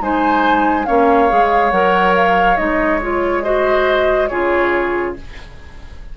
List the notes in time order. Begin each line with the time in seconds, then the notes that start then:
0.00 G#3 D#4 C5 G#5
0.85 A#3 C#4 C#5 F5
1.28 G#3 G#4
1.70 F#3 A#4 F#5
2.14 F5
2.56 G#3 D#4 D#5
3.01 F4 C#5
3.43 F#4 C5 D#5
4.27 C#3 F4 G#4 C#5